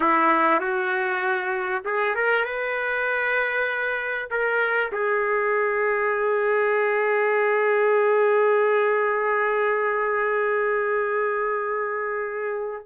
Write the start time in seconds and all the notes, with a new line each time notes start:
0.00 E4
0.60 F#4
1.85 G#4
2.15 A#4
2.44 B4
4.30 A#4
4.92 G#4